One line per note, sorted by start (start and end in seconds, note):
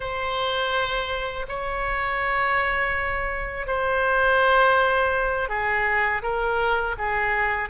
0.00 1.46 C5
1.48 3.66 C#5
3.66 5.48 C5
5.48 6.22 G#4
6.22 6.95 A#4
6.97 7.69 G#4